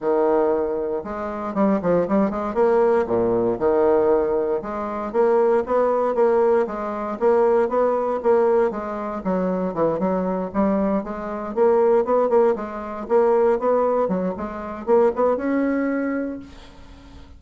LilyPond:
\new Staff \with { instrumentName = "bassoon" } { \time 4/4 \tempo 4 = 117 dis2 gis4 g8 f8 | g8 gis8 ais4 ais,4 dis4~ | dis4 gis4 ais4 b4 | ais4 gis4 ais4 b4 |
ais4 gis4 fis4 e8 fis8~ | fis8 g4 gis4 ais4 b8 | ais8 gis4 ais4 b4 fis8 | gis4 ais8 b8 cis'2 | }